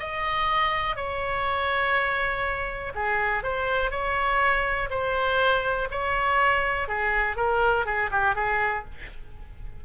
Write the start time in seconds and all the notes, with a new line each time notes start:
0.00 D#5
0.96 C#5
2.95 G#4
3.44 C5
3.91 C#5
4.90 C5
5.91 C#5
6.89 G#4
7.37 A#4
7.86 G#4
8.12 G4
8.36 G#4